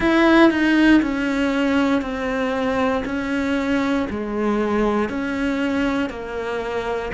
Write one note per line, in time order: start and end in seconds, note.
0.00 0.50 E4
0.50 1.01 D#4
1.02 2.01 C#4
2.01 3.03 C4
3.05 4.07 C#4
4.10 5.09 G#3
5.09 6.09 C#4
6.09 7.11 A#3